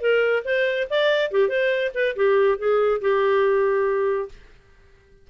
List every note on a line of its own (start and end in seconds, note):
0.00 0.43 A#4
0.44 0.87 C5
0.90 1.31 D5
1.31 1.49 G4
1.49 1.91 C5
1.94 2.15 B4
2.15 2.58 G4
2.58 3.01 G#4
3.01 4.28 G4